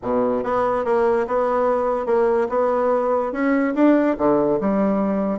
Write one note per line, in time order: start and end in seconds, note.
0.02 0.43 B2
0.43 0.84 B3
0.84 1.26 A#3
1.27 2.06 B3
2.06 2.47 A#3
2.49 3.32 B3
3.32 3.74 C#4
3.74 4.16 D4
4.18 4.59 D3
4.60 5.39 G3